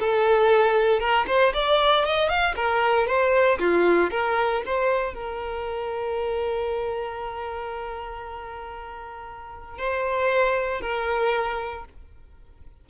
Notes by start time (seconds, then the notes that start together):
0.00 A4
1.00 A#4
1.28 C5
1.54 D5
2.06 D#5
2.29 F5
2.56 A#4
3.08 C5
3.59 F4
4.11 A#4
4.66 C5
5.14 A#4
9.79 C5
10.82 A#4